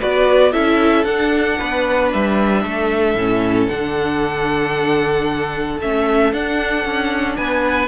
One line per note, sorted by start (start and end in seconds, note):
0.00 0.55 B3
0.00 0.53 F#4
0.00 0.53 B4
0.00 0.53 D5
0.53 1.05 C#4
0.53 1.06 E4
0.53 1.58 A4
0.53 1.05 E5
1.05 1.57 D4
1.05 3.18 D4
1.05 2.10 F#5
1.58 2.14 B3
1.58 2.63 B4
2.13 2.65 G3
2.13 3.68 E5
2.65 3.15 A3
2.65 7.38 A4
3.15 3.68 A2
3.15 3.70 C#4
3.68 5.81 D3
3.68 5.81 D4
3.68 5.79 F#5
5.81 6.33 A3
5.81 6.33 C#4
5.81 6.34 E5
6.33 6.86 D4
6.33 7.88 D4
6.33 7.37 F#5
6.86 7.38 C#4
7.37 7.88 B3
7.37 7.88 B4
7.37 7.88 G#5